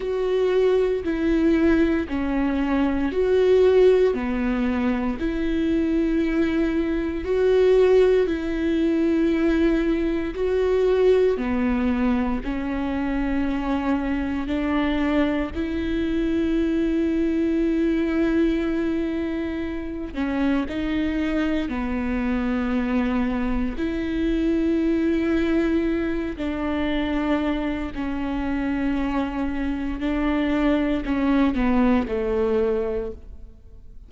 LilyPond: \new Staff \with { instrumentName = "viola" } { \time 4/4 \tempo 4 = 58 fis'4 e'4 cis'4 fis'4 | b4 e'2 fis'4 | e'2 fis'4 b4 | cis'2 d'4 e'4~ |
e'2.~ e'8 cis'8 | dis'4 b2 e'4~ | e'4. d'4. cis'4~ | cis'4 d'4 cis'8 b8 a4 | }